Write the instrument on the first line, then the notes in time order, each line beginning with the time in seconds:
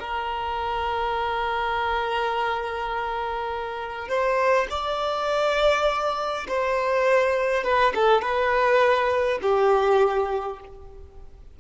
violin
0.00 A#4
4.09 C5
4.71 D5
6.48 C5
7.64 B4
7.95 A4
8.22 B4
9.42 G4